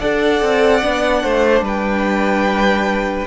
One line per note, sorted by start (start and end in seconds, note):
0.00 0.42 D4
0.00 0.82 A4
0.00 1.23 D5
0.00 1.64 F#5
0.42 0.83 C4
0.82 1.24 B3
0.82 3.27 D4
1.23 1.61 A3
1.23 1.64 C5
1.61 3.26 G3
1.61 3.27 B4
1.68 3.27 G5